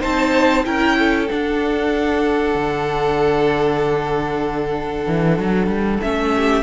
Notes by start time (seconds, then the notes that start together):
0.00 C4 D#4 C5 A5
0.65 C#4 E4 A#4 G5
0.99 A4
1.28 D4 F#5
2.54 D3
5.06 E3
5.38 F#3
5.67 G3
6.01 A3 C#4 E5
6.34 G4